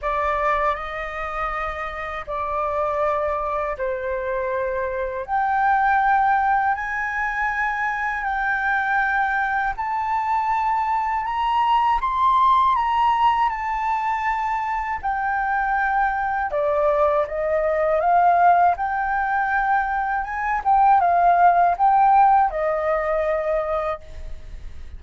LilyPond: \new Staff \with { instrumentName = "flute" } { \time 4/4 \tempo 4 = 80 d''4 dis''2 d''4~ | d''4 c''2 g''4~ | g''4 gis''2 g''4~ | g''4 a''2 ais''4 |
c'''4 ais''4 a''2 | g''2 d''4 dis''4 | f''4 g''2 gis''8 g''8 | f''4 g''4 dis''2 | }